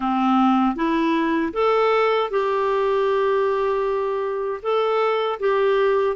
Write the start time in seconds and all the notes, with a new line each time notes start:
0.00 C4
0.75 E4
1.53 A4
2.30 G4
4.62 A4
5.39 G4